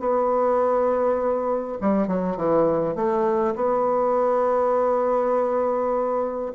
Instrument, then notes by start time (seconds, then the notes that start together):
bassoon
0.00 B3
1.81 G3
2.08 F#3
2.37 E3
2.95 A3
3.56 B3